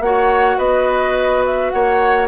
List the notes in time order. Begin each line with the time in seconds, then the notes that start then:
0.00 A#3 F#4 C#5 F#5
0.58 B3 B4 D#5
1.46 E5
1.71 A#3 C#5 F#5